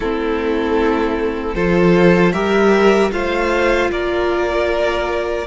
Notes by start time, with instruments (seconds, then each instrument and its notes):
0.00 cello A3, viola C4, violin E4 A4
1.54 cello F3, viola F4, violin A4 C5
2.32 cello G3, viola G4, violin A#4 E5
3.11 cello A3, viola F4, violin C5 F5
3.91 cello A#3, violin A#4 D5